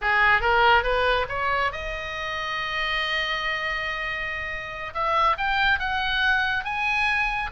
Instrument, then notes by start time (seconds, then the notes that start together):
oboe
0.01 G#4
0.41 A#4
0.83 B4
1.29 C#5
1.72 D#5
4.93 E5
5.37 G5
5.79 F#5
6.64 G#5